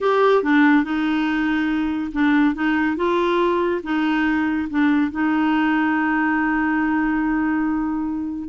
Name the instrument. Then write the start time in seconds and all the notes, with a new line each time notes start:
clarinet
0.00 G4
0.43 D4
0.83 D#4
2.12 D4
2.54 D#4
2.96 F4
3.83 D#4
4.69 D4
5.11 D#4